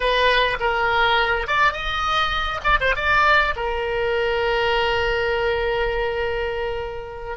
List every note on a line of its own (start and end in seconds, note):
0.00 0.57 B4
0.59 1.47 A#4
1.47 1.72 D5
1.72 2.60 D#5
2.64 2.78 D5
2.80 2.95 C5
2.95 3.54 D5
3.56 7.37 A#4